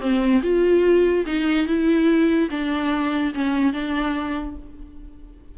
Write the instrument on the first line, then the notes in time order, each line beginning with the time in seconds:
viola
0.00 C4
0.42 F4
1.26 D#4
1.66 E4
2.50 D4
3.34 C#4
3.72 D4